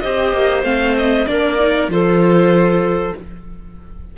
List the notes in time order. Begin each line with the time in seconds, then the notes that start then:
0.00 C4 G4 C5 D#5
0.32 A#3
0.63 A3 C4 F5
0.97 D#5
1.27 A#3 D4 A#4 D5
1.59 D#4
1.88 F3 F4 A4 C5